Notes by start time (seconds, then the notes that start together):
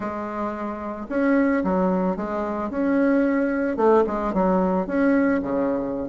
0.00 G#3
1.09 C#4
1.64 F#3
2.16 G#3
2.70 C#4
3.77 A3
4.06 G#3
4.33 F#3
4.86 C#4
5.42 C#3